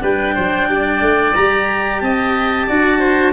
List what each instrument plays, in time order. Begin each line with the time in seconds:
0.00 tuba G3, cello D4, oboe B4, clarinet G5
0.35 tuba F#3, oboe C5
0.68 tuba G3, oboe D5
1.01 tuba A3
1.35 tuba G3, cello G4, clarinet A#5
2.00 tuba C4, oboe D#5, clarinet A5
2.67 tuba D4, cello F#4, oboe D5
2.99 oboe C5